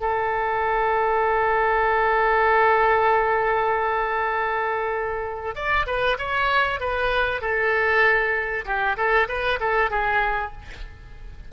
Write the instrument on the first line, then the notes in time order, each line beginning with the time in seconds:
oboe
0.00 A4
5.55 D5
5.87 B4
6.19 C#5
6.80 B4
7.41 A4
8.65 G4
8.97 A4
9.28 B4
9.60 A4
9.91 G#4